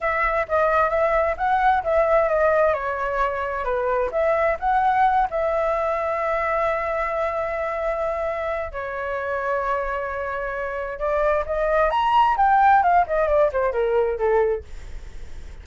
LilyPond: \new Staff \with { instrumentName = "flute" } { \time 4/4 \tempo 4 = 131 e''4 dis''4 e''4 fis''4 | e''4 dis''4 cis''2 | b'4 e''4 fis''4. e''8~ | e''1~ |
e''2. cis''4~ | cis''1 | d''4 dis''4 ais''4 g''4 | f''8 dis''8 d''8 c''8 ais'4 a'4 | }